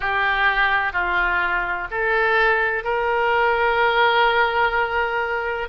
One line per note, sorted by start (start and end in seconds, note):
0.00 0.92 G4
0.92 1.87 F4
1.90 2.84 A4
2.84 5.68 A#4